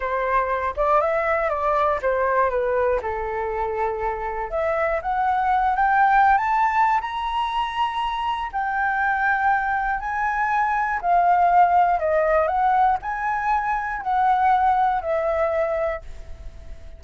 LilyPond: \new Staff \with { instrumentName = "flute" } { \time 4/4 \tempo 4 = 120 c''4. d''8 e''4 d''4 | c''4 b'4 a'2~ | a'4 e''4 fis''4. g''8~ | g''8. a''4~ a''16 ais''2~ |
ais''4 g''2. | gis''2 f''2 | dis''4 fis''4 gis''2 | fis''2 e''2 | }